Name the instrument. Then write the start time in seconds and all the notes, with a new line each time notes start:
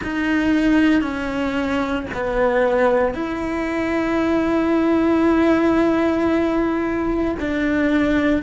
cello
0.03 D#4
1.01 C#4
2.13 B3
3.14 E4
7.39 D4